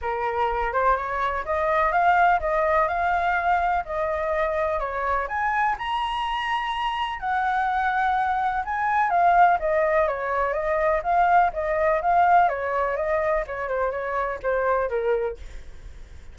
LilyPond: \new Staff \with { instrumentName = "flute" } { \time 4/4 \tempo 4 = 125 ais'4. c''8 cis''4 dis''4 | f''4 dis''4 f''2 | dis''2 cis''4 gis''4 | ais''2. fis''4~ |
fis''2 gis''4 f''4 | dis''4 cis''4 dis''4 f''4 | dis''4 f''4 cis''4 dis''4 | cis''8 c''8 cis''4 c''4 ais'4 | }